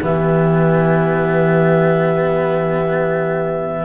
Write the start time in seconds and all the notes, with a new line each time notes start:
0.00 E3 B3 G4 E5